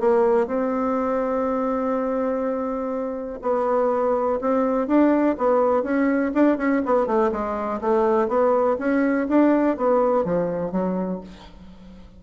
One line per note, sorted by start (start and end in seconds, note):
0.00 0.47 A#3
0.47 3.40 C4
3.42 4.40 B3
4.41 4.88 C4
4.88 5.37 D4
5.38 5.83 B3
5.83 6.32 C#4
6.34 6.58 D4
6.58 6.82 C#4
6.86 7.07 B3
7.07 7.31 A3
7.32 7.81 G#3
7.81 8.28 A3
8.28 8.77 B3
8.79 9.27 C#4
9.29 9.77 D4
9.77 10.25 B3
10.25 10.72 F3
10.72 11.21 F#3